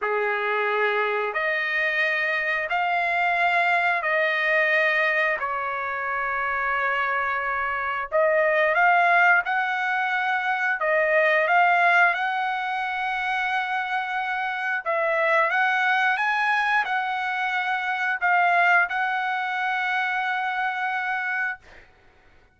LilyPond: \new Staff \with { instrumentName = "trumpet" } { \time 4/4 \tempo 4 = 89 gis'2 dis''2 | f''2 dis''2 | cis''1 | dis''4 f''4 fis''2 |
dis''4 f''4 fis''2~ | fis''2 e''4 fis''4 | gis''4 fis''2 f''4 | fis''1 | }